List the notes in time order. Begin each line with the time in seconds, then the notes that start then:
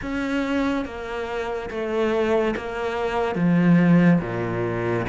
0.02 C#4
0.85 A#3
1.70 A3
2.56 A#3
3.35 F3
4.21 A#2